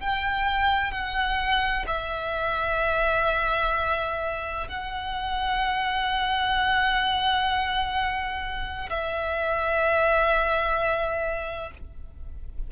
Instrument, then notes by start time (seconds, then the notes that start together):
violin
0.00 G5
0.92 F#5
1.87 E5
4.68 F#5
8.90 E5